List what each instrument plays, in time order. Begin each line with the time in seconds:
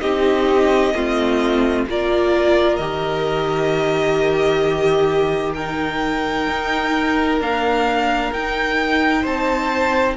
0.00 cello C4, viola D#4, violin G4 D#5
0.94 cello A3, viola C4, violin F4
1.87 cello A#3, viola F4, violin A#4 D5
2.76 cello D#3, viola G4, violin D#5
4.64 violin G4
5.54 viola D#4, violin A#4 G5
6.47 cello D#4
7.39 viola A#3, cello D4, violin F5
8.32 cello D#4, viola D#4, violin G5
9.22 cello C4, violin C5 A5